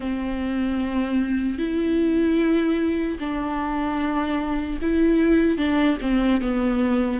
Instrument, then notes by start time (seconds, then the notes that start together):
viola
0.00 C4
1.58 E4
3.19 D4
4.81 E4
5.57 D4
6.01 C4
6.41 B3